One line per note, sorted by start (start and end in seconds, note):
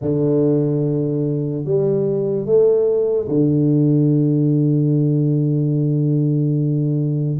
0.01 1.64 D3
1.64 2.45 G3
2.45 3.27 A3
3.28 7.39 D3